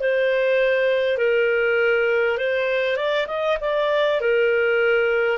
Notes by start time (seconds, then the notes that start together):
0.00 C5
1.18 A#4
2.38 C5
2.96 D5
3.27 D#5
3.61 D5
4.21 A#4